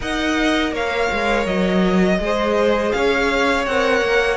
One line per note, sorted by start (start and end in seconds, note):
0.00 0.71 D#4
0.00 2.20 A#4
0.00 0.73 D#5
0.00 0.74 F#5
0.71 1.08 A#3
0.71 2.19 C#5
0.71 1.46 F5
1.12 1.45 G#3
1.45 2.19 F#3
1.45 2.92 D#5
2.19 2.92 G#3
2.19 3.66 G#4
2.19 2.96 C5
2.92 3.66 C#4
2.92 4.36 C#5
2.92 3.65 F5
3.66 4.01 C4
3.66 4.36 A#4
3.66 4.36 F#5
4.01 4.36 A#3